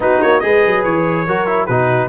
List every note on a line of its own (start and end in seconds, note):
0.00 0.21 B3
0.00 0.42 D#4
0.00 0.44 F#4
0.00 0.21 B4
0.21 0.43 A#3
0.21 0.40 C#5
0.40 0.65 G#3
0.40 1.26 G#4
0.40 1.27 B4
0.40 0.82 D#5
0.66 0.85 F#3
0.84 1.27 E3
0.84 1.66 C#5
1.27 1.68 F#3
1.27 1.46 F#4
1.27 1.65 A#4
1.46 1.67 E4
1.65 2.09 B2
1.65 2.09 D#4
1.65 2.07 F#4
1.65 2.08 B4